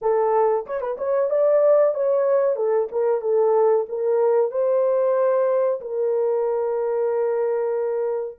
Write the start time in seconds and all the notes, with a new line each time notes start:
0.01 A4
0.66 C#5
0.80 B4
0.97 C#5
1.29 D5
1.94 C#5
2.56 A4
2.91 A#4
3.21 A4
3.88 A#4
4.51 C5
5.80 A#4